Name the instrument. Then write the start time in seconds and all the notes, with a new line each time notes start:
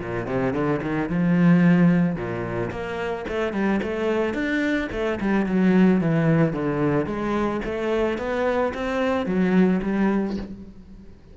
cello
0.00 A#2
0.27 C3
0.53 D3
0.82 D#3
1.09 F3
2.16 A#2
2.71 A#3
3.29 A3
3.53 G3
3.83 A3
4.34 D4
4.92 A3
5.21 G3
5.46 F#3
6.01 E3
6.53 D3
7.06 G#3
7.65 A3
8.18 B3
8.74 C4
9.26 F#3
9.83 G3